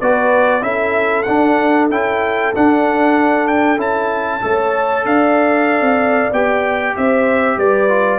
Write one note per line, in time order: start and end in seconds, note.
0.00 0.62 B3
0.00 0.62 F#4
0.00 0.63 B4
0.00 0.63 D5
0.62 1.26 C#4
0.62 1.25 E4
0.62 4.43 A4
0.62 1.23 E5
1.23 1.91 D4
1.23 1.86 F#5
1.91 2.54 C#4
1.91 2.54 E4
1.91 2.54 G5
2.55 3.77 D4
2.55 3.78 D4
2.55 3.48 F#5
3.48 3.79 G5
3.77 4.41 C#4
3.77 4.41 E4
3.77 5.06 A5
4.42 5.06 A3
4.42 6.31 A4
4.42 5.07 C#5
5.06 5.82 D4
5.06 6.97 D5
5.06 6.33 F5
5.82 6.29 C4
6.33 6.96 B3
6.33 7.89 G4
6.33 6.97 G5
6.97 7.57 C4
6.97 7.58 C5
6.97 7.59 E5
7.57 8.19 G3
7.57 8.19 B4
7.57 8.19 D5
7.89 8.19 F4